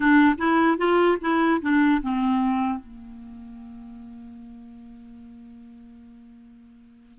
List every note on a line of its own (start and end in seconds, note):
0.00 0.35 D4
0.38 0.78 E4
0.78 1.18 F4
1.21 1.61 E4
1.61 2.01 D4
2.02 2.79 C4
2.79 7.19 A#3